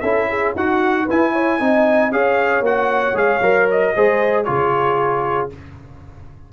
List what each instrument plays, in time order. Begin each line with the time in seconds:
0.00 tuba C#4, trombone E4, horn A4, trumpet E5
0.29 horn G#4
0.55 tuba D#4, horn F#4, trombone F#4, trumpet F#5
1.05 trombone E4, tuba E4, horn B4, trumpet G#5
1.32 horn C#5
1.59 tuba C4, trombone D#4, horn D#5
2.11 tuba C#4, trombone G#4, horn C#5, trumpet F5
2.60 tuba A#3, trombone F#4, trumpet F#5
3.14 tuba G#3, trombone G#4, trumpet F5
3.41 tuba F#3, trombone A#4
3.70 trumpet D#5
3.95 tuba G#3, trombone G#4, horn C5
4.43 tuba C#3, trombone F4, horn G#4, trumpet C#5